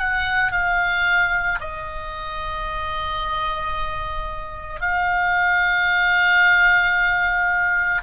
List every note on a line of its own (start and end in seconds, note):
0.00 0.53 F#5
0.53 1.60 F5
1.61 4.81 D#5
4.81 8.03 F5